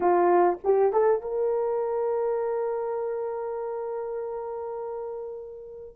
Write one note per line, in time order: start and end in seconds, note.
0.00 0.58 F4
0.64 0.92 G4
0.92 1.21 A4
1.21 5.95 A#4